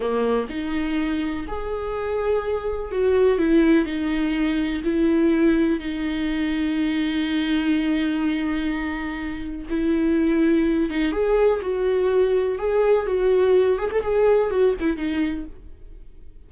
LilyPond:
\new Staff \with { instrumentName = "viola" } { \time 4/4 \tempo 4 = 124 ais4 dis'2 gis'4~ | gis'2 fis'4 e'4 | dis'2 e'2 | dis'1~ |
dis'1 | e'2~ e'8 dis'8 gis'4 | fis'2 gis'4 fis'4~ | fis'8 gis'16 a'16 gis'4 fis'8 e'8 dis'4 | }